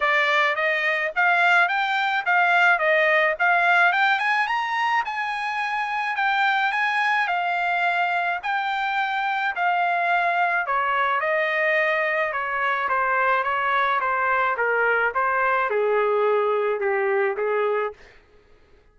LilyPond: \new Staff \with { instrumentName = "trumpet" } { \time 4/4 \tempo 4 = 107 d''4 dis''4 f''4 g''4 | f''4 dis''4 f''4 g''8 gis''8 | ais''4 gis''2 g''4 | gis''4 f''2 g''4~ |
g''4 f''2 cis''4 | dis''2 cis''4 c''4 | cis''4 c''4 ais'4 c''4 | gis'2 g'4 gis'4 | }